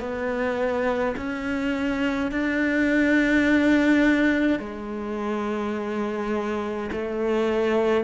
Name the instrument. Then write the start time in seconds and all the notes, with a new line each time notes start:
cello
0.00 B3
1.17 C#4
2.32 D4
4.60 G#3
6.92 A3